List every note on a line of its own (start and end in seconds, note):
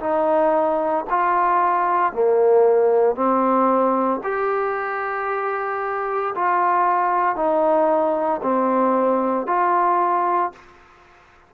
0.00 1.05 D#4
1.10 2.13 F4
2.13 3.16 A#3
3.16 4.21 C4
4.24 6.34 G4
6.35 7.36 F4
7.36 8.41 D#4
8.43 9.47 C4
9.47 10.52 F4